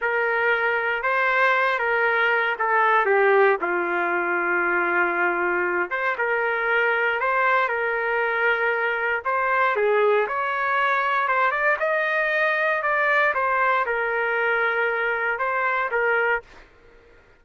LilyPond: \new Staff \with { instrumentName = "trumpet" } { \time 4/4 \tempo 4 = 117 ais'2 c''4. ais'8~ | ais'4 a'4 g'4 f'4~ | f'2.~ f'8 c''8 | ais'2 c''4 ais'4~ |
ais'2 c''4 gis'4 | cis''2 c''8 d''8 dis''4~ | dis''4 d''4 c''4 ais'4~ | ais'2 c''4 ais'4 | }